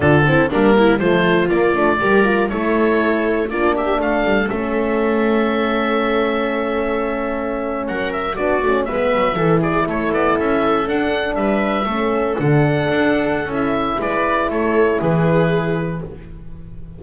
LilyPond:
<<
  \new Staff \with { instrumentName = "oboe" } { \time 4/4 \tempo 4 = 120 a'4 ais'4 c''4 d''4~ | d''4 cis''2 d''8 e''8 | f''4 e''2.~ | e''2.~ e''8. fis''16~ |
fis''16 e''8 d''4 e''4. d''8 cis''16~ | cis''16 d''8 e''4 fis''4 e''4~ e''16~ | e''8. fis''2~ fis''16 e''4 | d''4 cis''4 b'2 | }
  \new Staff \with { instrumentName = "viola" } { \time 4/4 f'8 e'8 d'8 e'8 f'2 | ais'4 a'2 f'8 g'8 | a'1~ | a'2.~ a'8. ais'16~ |
ais'8. fis'4 b'4 a'8 gis'8 a'16~ | a'2~ a'8. b'4 a'16~ | a'1 | b'4 a'4 gis'2 | }
  \new Staff \with { instrumentName = "horn" } { \time 4/4 d'8 c'8 ais4 a4 ais8 d'8 | g'8 f'8 e'2 d'4~ | d'4 cis'2.~ | cis'1~ |
cis'8. d'8 cis'8 b4 e'4~ e'16~ | e'4.~ e'16 d'2 cis'16~ | cis'8. d'2~ d'16 e'4~ | e'1 | }
  \new Staff \with { instrumentName = "double bass" } { \time 4/4 d4 g4 f4 ais8 a8 | g4 a2 ais4 | a8 g8 a2.~ | a2.~ a8. fis16~ |
fis8. b8 a8 gis8 fis8 e4 a16~ | a16 b8 cis'4 d'4 g4 a16~ | a8. d4 d'4~ d'16 cis'4 | gis4 a4 e2 | }
>>